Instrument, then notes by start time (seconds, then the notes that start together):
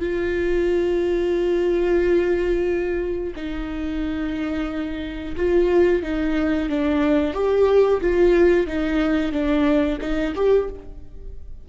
viola
0.00 F4
3.35 D#4
5.36 F4
6.02 D#4
6.69 D4
7.34 G4
8.01 F4
8.67 D#4
9.32 D4
10.01 D#4
10.35 G4